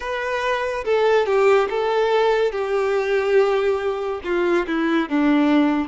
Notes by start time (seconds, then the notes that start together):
0.00 B4
0.85 A4
1.26 G4
1.69 A4
2.51 G4
4.24 F4
4.67 E4
5.09 D4